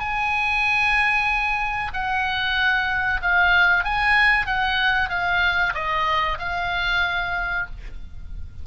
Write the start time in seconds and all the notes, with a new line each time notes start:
0.00 G#5
1.93 F#5
3.22 F5
3.84 G#5
4.46 F#5
5.09 F5
5.74 D#5
6.39 F5